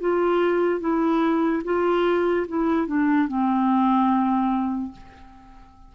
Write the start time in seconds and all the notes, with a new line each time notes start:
0.00 F4
0.80 E4
1.64 F4
2.48 E4
2.87 D4
3.28 C4